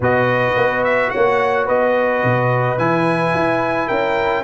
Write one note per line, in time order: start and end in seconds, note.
0.00 0.54 B2
0.00 2.78 F#4
0.00 1.11 B4
0.00 0.83 D#5
0.56 1.12 B3
0.83 1.09 E5
1.09 1.68 A#3
1.09 1.66 C#5
1.09 1.65 F#5
1.66 2.23 B3
1.66 3.87 B4
1.66 2.78 D#5
2.23 2.77 B2
2.77 3.33 E3
2.77 4.44 E4
2.77 3.88 G#5
3.33 3.89 E4
3.87 4.44 C#4
3.87 4.43 A#4
3.87 4.43 G5